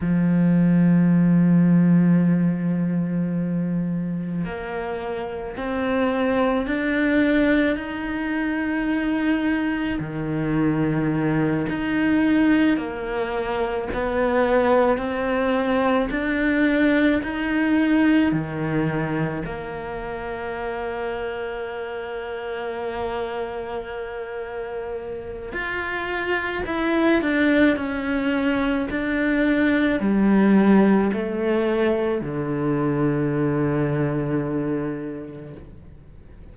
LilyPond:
\new Staff \with { instrumentName = "cello" } { \time 4/4 \tempo 4 = 54 f1 | ais4 c'4 d'4 dis'4~ | dis'4 dis4. dis'4 ais8~ | ais8 b4 c'4 d'4 dis'8~ |
dis'8 dis4 ais2~ ais8~ | ais2. f'4 | e'8 d'8 cis'4 d'4 g4 | a4 d2. | }